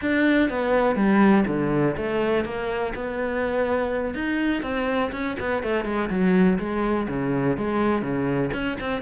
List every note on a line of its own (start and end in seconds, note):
0.01 0.49 D4
0.49 0.95 B3
0.95 1.44 G3
1.47 1.95 D3
1.96 2.44 A3
2.44 2.93 A#3
2.94 4.14 B3
4.14 4.62 D#4
4.62 5.11 C4
5.12 5.36 C#4
5.39 5.63 B3
5.63 5.84 A3
5.84 6.09 G#3
6.09 6.58 F#3
6.59 7.07 G#3
7.08 7.57 C#3
7.57 8.01 G#3
8.01 8.50 C#3
8.53 8.77 C#4
8.80 9.01 C4